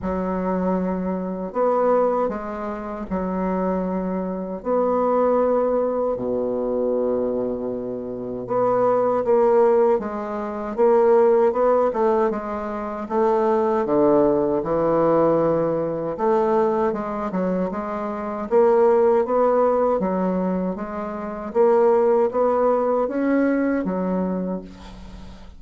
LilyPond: \new Staff \with { instrumentName = "bassoon" } { \time 4/4 \tempo 4 = 78 fis2 b4 gis4 | fis2 b2 | b,2. b4 | ais4 gis4 ais4 b8 a8 |
gis4 a4 d4 e4~ | e4 a4 gis8 fis8 gis4 | ais4 b4 fis4 gis4 | ais4 b4 cis'4 fis4 | }